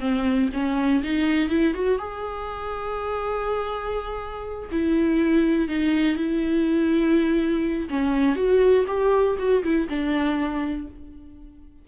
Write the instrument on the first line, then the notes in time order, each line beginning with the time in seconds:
viola
0.00 C4
0.53 C#4
1.03 D#4
1.49 E4
1.74 F#4
1.99 G#4
4.71 E4
5.68 D#4
6.16 E4
7.90 C#4
8.36 F#4
8.87 G4
9.38 F#4
9.63 E4
9.89 D4